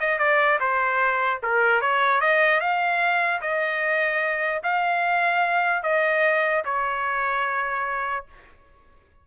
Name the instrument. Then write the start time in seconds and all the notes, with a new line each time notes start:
trumpet
0.00 D#5
0.18 D5
0.60 C5
1.43 A#4
1.81 C#5
2.21 D#5
2.60 F5
3.41 D#5
4.63 F5
5.83 D#5
6.65 C#5